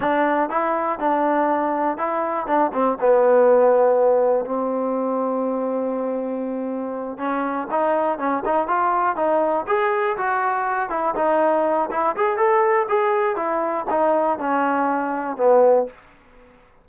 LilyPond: \new Staff \with { instrumentName = "trombone" } { \time 4/4 \tempo 4 = 121 d'4 e'4 d'2 | e'4 d'8 c'8 b2~ | b4 c'2.~ | c'2~ c'8 cis'4 dis'8~ |
dis'8 cis'8 dis'8 f'4 dis'4 gis'8~ | gis'8 fis'4. e'8 dis'4. | e'8 gis'8 a'4 gis'4 e'4 | dis'4 cis'2 b4 | }